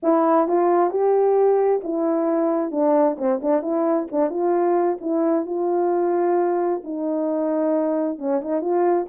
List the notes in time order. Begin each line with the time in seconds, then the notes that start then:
0.02 E4
0.48 F4
0.90 G4
1.83 E4
2.71 D4
3.17 C4
3.42 D4
3.61 E4
4.11 D4
4.30 F4
5.00 E4
5.46 F4
6.84 D#4
8.18 C#4
8.41 D#4
8.61 F4